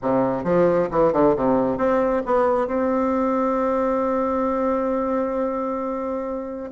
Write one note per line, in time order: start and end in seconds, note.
0.02 0.44 C3
0.44 0.88 F3
0.91 1.12 E3
1.12 1.35 D3
1.36 1.77 C3
1.77 2.22 C4
2.25 2.67 B3
2.67 6.70 C4